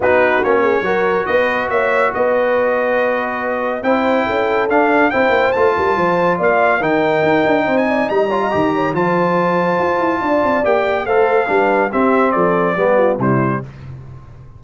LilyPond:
<<
  \new Staff \with { instrumentName = "trumpet" } { \time 4/4 \tempo 4 = 141 b'4 cis''2 dis''4 | e''4 dis''2.~ | dis''4 g''2 f''4 | g''4 a''2 f''4 |
g''2~ g''16 gis''8. ais''4~ | ais''4 a''2.~ | a''4 g''4 f''2 | e''4 d''2 c''4 | }
  \new Staff \with { instrumentName = "horn" } { \time 4/4 fis'4. gis'8 ais'4 b'4 | cis''4 b'2.~ | b'4 c''4 a'2 | c''4. ais'8 c''4 d''4 |
ais'2 c''8 d''8 dis''8 cis''16 dis''16~ | dis''8 cis''8 c''2. | d''2 c''4 b'4 | g'4 a'4 g'8 f'8 e'4 | }
  \new Staff \with { instrumentName = "trombone" } { \time 4/4 dis'4 cis'4 fis'2~ | fis'1~ | fis'4 e'2 d'4 | e'4 f'2. |
dis'2.~ dis'8 f'8 | g'4 f'2.~ | f'4 g'4 a'4 d'4 | c'2 b4 g4 | }
  \new Staff \with { instrumentName = "tuba" } { \time 4/4 b4 ais4 fis4 b4 | ais4 b2.~ | b4 c'4 cis'4 d'4 | c'8 ais8 a8 g8 f4 ais4 |
dis4 dis'8 d'8 c'4 g4 | dis4 f2 f'8 e'8 | d'8 c'8 ais4 a4 g4 | c'4 f4 g4 c4 | }
>>